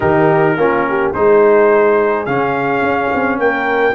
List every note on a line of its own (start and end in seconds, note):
0.00 0.56 D#3
0.00 0.57 D#4
0.00 0.56 G4
0.00 1.12 A#4
0.56 1.13 A#3
0.56 1.14 C#4
0.56 0.87 F4
0.88 1.13 G4
1.13 2.27 G#3
1.13 2.27 D#4
1.13 3.40 G#4
1.13 2.25 C5
2.25 2.81 C#3
2.25 3.94 C#4
2.25 3.38 F5
2.81 3.09 C#4
3.14 3.38 C4
3.38 3.94 A#3
3.38 3.94 A#4
3.38 3.94 G5